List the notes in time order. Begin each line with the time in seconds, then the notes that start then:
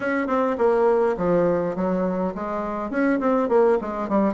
0.00 C#4
0.27 C4
0.57 A#3
1.17 F3
1.75 F#3
2.34 G#3
2.90 C#4
3.20 C4
3.48 A#3
3.81 G#3
4.08 G3